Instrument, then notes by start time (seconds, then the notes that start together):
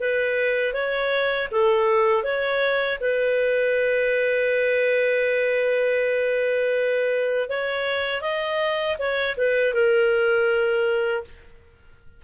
clarinet
0.00 B4
0.73 C#5
1.51 A4
2.23 C#5
3.00 B4
7.49 C#5
8.21 D#5
8.98 C#5
9.36 B4
9.73 A#4